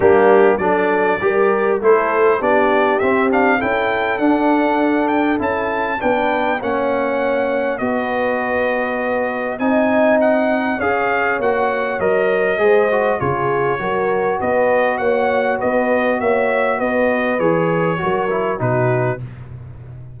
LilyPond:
<<
  \new Staff \with { instrumentName = "trumpet" } { \time 4/4 \tempo 4 = 100 g'4 d''2 c''4 | d''4 e''8 f''8 g''4 fis''4~ | fis''8 g''8 a''4 g''4 fis''4~ | fis''4 dis''2. |
gis''4 fis''4 f''4 fis''4 | dis''2 cis''2 | dis''4 fis''4 dis''4 e''4 | dis''4 cis''2 b'4 | }
  \new Staff \with { instrumentName = "horn" } { \time 4/4 d'4 a'4 ais'4 a'4 | g'2 a'2~ | a'2 b'4 cis''4~ | cis''4 b'2. |
dis''2 cis''2~ | cis''4 c''4 gis'4 ais'4 | b'4 cis''4 b'4 cis''4 | b'2 ais'4 fis'4 | }
  \new Staff \with { instrumentName = "trombone" } { \time 4/4 ais4 d'4 g'4 e'4 | d'4 c'8 d'8 e'4 d'4~ | d'4 e'4 d'4 cis'4~ | cis'4 fis'2. |
dis'2 gis'4 fis'4 | ais'4 gis'8 fis'8 f'4 fis'4~ | fis'1~ | fis'4 gis'4 fis'8 e'8 dis'4 | }
  \new Staff \with { instrumentName = "tuba" } { \time 4/4 g4 fis4 g4 a4 | b4 c'4 cis'4 d'4~ | d'4 cis'4 b4 ais4~ | ais4 b2. |
c'2 cis'4 ais4 | fis4 gis4 cis4 fis4 | b4 ais4 b4 ais4 | b4 e4 fis4 b,4 | }
>>